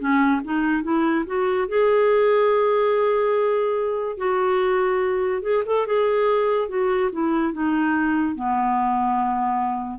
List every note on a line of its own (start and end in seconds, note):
0.00 0.42 C#4
0.45 0.84 D#4
0.84 1.25 E4
1.27 1.69 F#4
1.69 4.18 G#4
4.18 5.43 F#4
5.43 5.64 G#4
5.66 5.87 A4
5.87 6.69 G#4
6.69 7.11 F#4
7.12 7.54 E4
7.54 8.36 D#4
8.36 10.00 B3